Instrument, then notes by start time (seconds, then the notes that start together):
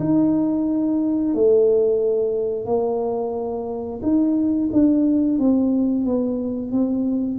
tuba
0.00 D#4
1.35 A3
2.66 A#3
4.03 D#4
4.73 D4
5.39 C4
6.06 B3
6.72 C4